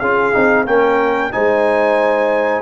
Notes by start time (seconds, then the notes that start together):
0.00 C#4 F4 G#4 F5
0.33 C4 D#4
0.65 A#3 C#4 A#4 G5
1.32 G#3 D#4 C5 G#5